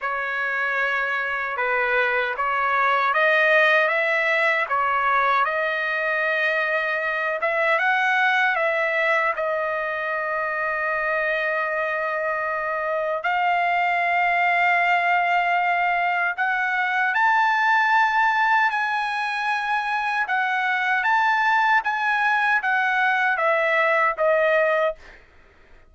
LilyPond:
\new Staff \with { instrumentName = "trumpet" } { \time 4/4 \tempo 4 = 77 cis''2 b'4 cis''4 | dis''4 e''4 cis''4 dis''4~ | dis''4. e''8 fis''4 e''4 | dis''1~ |
dis''4 f''2.~ | f''4 fis''4 a''2 | gis''2 fis''4 a''4 | gis''4 fis''4 e''4 dis''4 | }